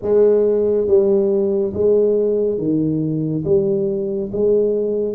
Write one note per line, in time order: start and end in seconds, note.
0.02 0.86 G#3
0.86 1.72 G3
1.73 2.58 G#3
2.58 3.43 D#3
3.44 4.30 G3
4.32 5.14 G#3